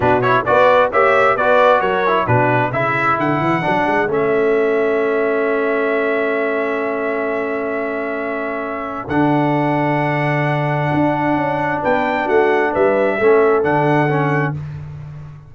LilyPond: <<
  \new Staff \with { instrumentName = "trumpet" } { \time 4/4 \tempo 4 = 132 b'8 cis''8 d''4 e''4 d''4 | cis''4 b'4 e''4 fis''4~ | fis''4 e''2.~ | e''1~ |
e''1 | fis''1~ | fis''2 g''4 fis''4 | e''2 fis''2 | }
  \new Staff \with { instrumentName = "horn" } { \time 4/4 fis'4 b'4 cis''4 b'4 | ais'4 fis'4 a'2~ | a'1~ | a'1~ |
a'1~ | a'1~ | a'2 b'4 fis'4 | b'4 a'2. | }
  \new Staff \with { instrumentName = "trombone" } { \time 4/4 d'8 e'8 fis'4 g'4 fis'4~ | fis'8 e'8 d'4 e'2 | d'4 cis'2.~ | cis'1~ |
cis'1 | d'1~ | d'1~ | d'4 cis'4 d'4 cis'4 | }
  \new Staff \with { instrumentName = "tuba" } { \time 4/4 b,4 b4 ais4 b4 | fis4 b,4 cis4 d8 e8 | fis8 gis8 a2.~ | a1~ |
a1 | d1 | d'4 cis'4 b4 a4 | g4 a4 d2 | }
>>